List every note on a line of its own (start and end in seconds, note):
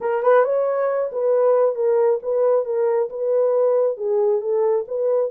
0.00 0.22 A#4
0.22 0.44 B4
0.44 1.10 C#5
1.12 1.75 B4
1.75 2.19 A#4
2.22 2.65 B4
2.65 3.09 A#4
3.09 3.97 B4
3.97 4.41 G#4
4.41 4.85 A4
4.87 5.31 B4